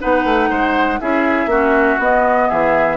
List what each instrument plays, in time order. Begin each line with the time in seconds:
0.00 bassoon B3, clarinet D#4, oboe B4, flute F#5
0.24 bassoon A3
0.50 bassoon G#3, oboe C5
1.00 bassoon C#4, clarinet E4, oboe G#4, flute E5
1.46 bassoon A#3, clarinet C#4, oboe F#4
1.99 bassoon B3, clarinet B3, flute D#5
2.48 bassoon E3, oboe G#4, flute E5